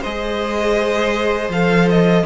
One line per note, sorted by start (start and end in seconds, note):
0.00 1.49 G#3
0.00 1.52 G#4
0.00 2.22 C5
0.00 1.51 D#5
1.49 2.23 F3
1.49 2.25 A4
1.49 1.88 F5
1.89 2.25 D#5